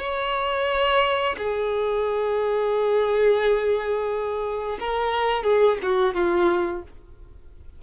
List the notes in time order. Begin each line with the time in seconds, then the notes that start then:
0.00 C#5
1.38 G#4
4.80 A#4
5.44 G#4
5.83 F#4
6.15 F4